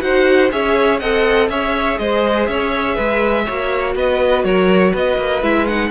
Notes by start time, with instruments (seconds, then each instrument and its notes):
0.00 cello D#4, viola F#4, violin C5 F#5
0.51 cello C#4, viola G#4, violin C#5 E5
0.99 cello C4, viola A4, violin D#5 F#5
1.49 cello C#4, viola G#4, violin C#5 E5
1.98 cello G#3, violin C5 D#5
2.45 cello C#4, violin C#5 E5
2.95 cello G#3, violin B4
3.45 cello A#3, viola F#4, violin C#5
3.95 cello B3, violin B4 D#5
4.44 cello F#3, violin A#4 C#5
4.91 cello B3, violin B4 D#5
5.18 cello A#3
5.42 cello G#3, viola E4, violin E5
5.66 viola D#4, violin F#5